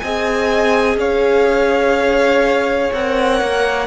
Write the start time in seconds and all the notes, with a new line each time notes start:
0.00 C4 G#4 D#5 G#5
0.97 C#4 C#5 F5
2.93 C4 A#4 F#5
3.41 A#3